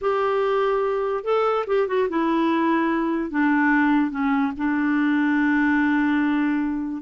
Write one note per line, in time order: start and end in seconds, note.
0.01 1.23 G4
1.23 1.65 A4
1.66 1.87 G4
1.87 2.08 F#4
2.09 3.30 E4
3.30 4.10 D4
4.10 4.52 C#4
4.57 7.02 D4